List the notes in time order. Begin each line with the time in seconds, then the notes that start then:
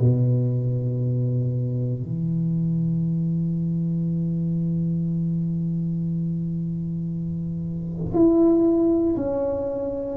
0.00 B2
2.02 E3
8.14 E4
9.16 C#4